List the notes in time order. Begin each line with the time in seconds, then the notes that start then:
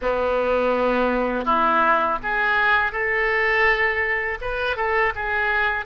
0.01 B3
1.45 E4
2.22 G#4
2.91 A4
4.41 B4
4.76 A4
5.15 G#4